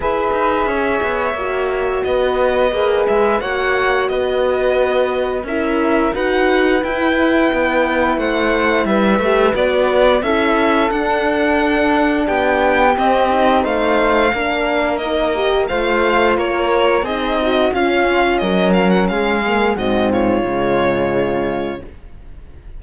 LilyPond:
<<
  \new Staff \with { instrumentName = "violin" } { \time 4/4 \tempo 4 = 88 e''2. dis''4~ | dis''8 e''8 fis''4 dis''2 | e''4 fis''4 g''2 | fis''4 e''4 d''4 e''4 |
fis''2 g''4 dis''4 | f''2 dis''4 f''4 | cis''4 dis''4 f''4 dis''8 f''16 fis''16 | f''4 dis''8 cis''2~ cis''8 | }
  \new Staff \with { instrumentName = "flute" } { \time 4/4 b'4 cis''2 b'4~ | b'4 cis''4 b'2 | ais'4 b'2. | c''4 b'2 a'4~ |
a'2 g'2 | c''4 ais'2 c''4 | ais'4 gis'8 fis'8 f'4 ais'4 | gis'4 fis'8 f'2~ f'8 | }
  \new Staff \with { instrumentName = "horn" } { \time 4/4 gis'2 fis'2 | gis'4 fis'2. | e'4 fis'4 e'2~ | e'4. g'8 fis'4 e'4 |
d'2. c'8 dis'8~ | dis'4 d'4 dis'8 g'8 f'4~ | f'4 dis'4 cis'2~ | cis'8 ais8 c'4 gis2 | }
  \new Staff \with { instrumentName = "cello" } { \time 4/4 e'8 dis'8 cis'8 b8 ais4 b4 | ais8 gis8 ais4 b2 | cis'4 dis'4 e'4 b4 | a4 g8 a8 b4 cis'4 |
d'2 b4 c'4 | a4 ais2 a4 | ais4 c'4 cis'4 fis4 | gis4 gis,4 cis2 | }
>>